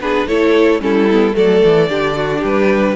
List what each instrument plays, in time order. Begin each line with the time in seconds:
0.00 cello B3, viola D4, violin G#4 B4
0.27 cello A3, viola E4, violin A4 C#5
0.80 cello G3, viola C#4, violin E4 A4
1.12 viola B3
1.33 cello F#3, viola A3, violin A4 D5
1.64 cello E3
1.89 cello D3, viola D4, violin G4
2.16 violin F#4
2.39 cello G3, violin G4 B4